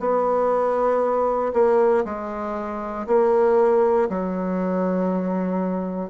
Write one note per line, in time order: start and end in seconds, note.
0.00 1.53 B3
1.53 2.04 A#3
2.05 3.06 G#3
3.07 4.09 A#3
4.10 6.10 F#3